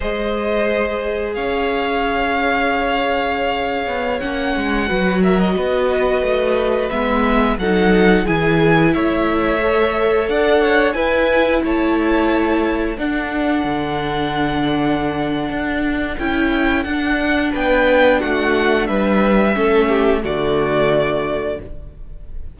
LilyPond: <<
  \new Staff \with { instrumentName = "violin" } { \time 4/4 \tempo 4 = 89 dis''2 f''2~ | f''2~ f''16 fis''4. e''16 | dis''2~ dis''16 e''4 fis''8.~ | fis''16 gis''4 e''2 fis''8.~ |
fis''16 gis''4 a''2 fis''8.~ | fis''1 | g''4 fis''4 g''4 fis''4 | e''2 d''2 | }
  \new Staff \with { instrumentName = "violin" } { \time 4/4 c''2 cis''2~ | cis''2.~ cis''16 b'8 ais'16~ | ais'16 b'2. a'8.~ | a'16 gis'4 cis''2 d''8 cis''16~ |
cis''16 b'4 cis''2 a'8.~ | a'1~ | a'2 b'4 fis'4 | b'4 a'8 g'8 fis'2 | }
  \new Staff \with { instrumentName = "viola" } { \time 4/4 gis'1~ | gis'2~ gis'16 cis'4 fis'8.~ | fis'2~ fis'16 b4 dis'8.~ | dis'16 e'2 a'4.~ a'16~ |
a'16 e'2. d'8.~ | d'1 | e'4 d'2.~ | d'4 cis'4 a2 | }
  \new Staff \with { instrumentName = "cello" } { \time 4/4 gis2 cis'2~ | cis'4.~ cis'16 b8 ais8 gis8 fis8.~ | fis16 b4 a4 gis4 fis8.~ | fis16 e4 a2 d'8.~ |
d'16 e'4 a2 d'8.~ | d'16 d2~ d8. d'4 | cis'4 d'4 b4 a4 | g4 a4 d2 | }
>>